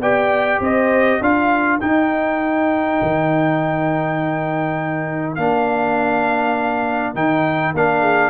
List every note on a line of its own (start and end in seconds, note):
0.00 0.59 B3
0.00 1.22 G4
0.00 0.61 D5
0.00 0.61 G5
0.60 1.19 C4
0.60 1.22 C5
0.60 1.23 D#5
1.21 1.80 D4
1.21 1.81 F4
1.21 8.00 A#4
1.21 1.80 F5
1.80 5.37 D#4
1.80 3.01 D#4
1.80 5.35 G5
3.02 5.38 D#3
5.35 7.14 A#3
5.35 7.15 D4
5.35 7.13 F5
7.14 7.74 D#3
7.14 7.75 D#4
7.14 7.75 G5
7.74 8.30 A#3
7.74 8.30 D4
7.74 8.30 F5
8.00 8.30 G#4